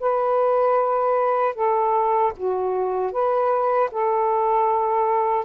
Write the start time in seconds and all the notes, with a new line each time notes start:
0.00 B4
1.55 A4
2.37 F#4
3.12 B4
3.91 A4